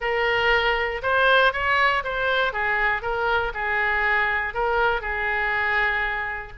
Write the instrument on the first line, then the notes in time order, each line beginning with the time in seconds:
oboe
0.00 A#4
1.02 C5
1.52 C#5
2.04 C5
2.52 G#4
3.01 A#4
3.54 G#4
4.54 A#4
5.01 G#4